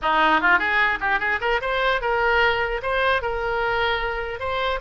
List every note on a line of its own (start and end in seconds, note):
0.02 0.40 D#4
0.40 0.59 F4
0.59 0.99 G#4
1.00 1.19 G4
1.19 1.39 G#4
1.40 1.60 A#4
1.61 2.01 C5
2.01 2.81 A#4
2.82 3.22 C5
3.22 4.39 A#4
4.39 4.79 C5